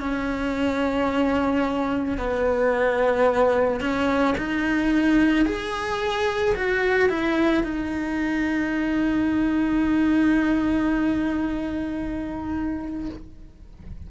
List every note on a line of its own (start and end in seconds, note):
0.00 2.18 C#4
2.18 3.80 B3
3.80 4.35 C#4
4.37 5.45 D#4
5.45 6.55 G#4
6.55 7.09 F#4
7.09 7.64 E4
7.64 13.09 D#4